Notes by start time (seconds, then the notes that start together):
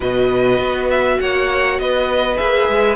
0.00 B2 F#4 B4 D#5
0.58 B3
0.90 E5
1.19 A#3 C#5 F#5
1.79 B3 B4 D#5
2.36 A#3 G#4 E5
2.68 G#3